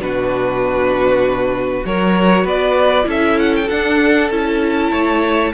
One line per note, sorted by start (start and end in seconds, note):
0.00 1.84 B2
0.00 1.84 D4
0.00 1.87 F#4
0.00 1.86 B4
1.84 2.45 F#3
1.84 3.03 F#4
1.84 2.44 A#4
1.84 2.47 C#5
2.44 3.06 B3
2.44 3.06 B4
2.44 3.09 D5
3.03 3.67 C#4
3.03 3.64 E4
3.03 4.92 A4
3.10 3.40 E5
3.40 3.55 F#5
3.55 3.69 G5
3.69 4.32 D4
3.69 4.30 D4
3.69 4.30 F#5
4.30 4.92 C#4
4.30 5.54 E4
4.30 5.53 A5
4.92 5.53 A3
4.92 5.53 C#5